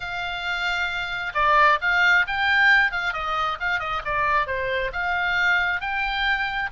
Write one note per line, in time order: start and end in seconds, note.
0.00 1.32 F5
1.34 1.79 D5
1.81 2.26 F5
2.27 2.91 G5
2.91 3.13 F5
3.13 3.58 D#5
3.59 3.79 F5
3.79 4.02 D#5
4.04 4.47 D5
4.47 4.91 C5
4.93 5.80 F5
5.80 6.70 G5